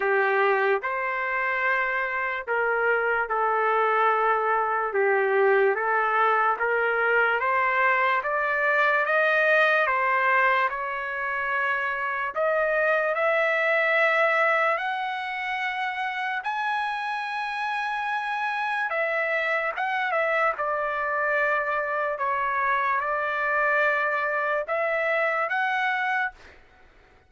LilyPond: \new Staff \with { instrumentName = "trumpet" } { \time 4/4 \tempo 4 = 73 g'4 c''2 ais'4 | a'2 g'4 a'4 | ais'4 c''4 d''4 dis''4 | c''4 cis''2 dis''4 |
e''2 fis''2 | gis''2. e''4 | fis''8 e''8 d''2 cis''4 | d''2 e''4 fis''4 | }